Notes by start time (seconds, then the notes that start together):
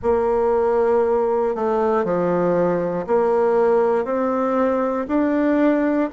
0.02 A#3
1.55 A3
2.04 F3
3.06 A#3
4.04 C4
5.08 D4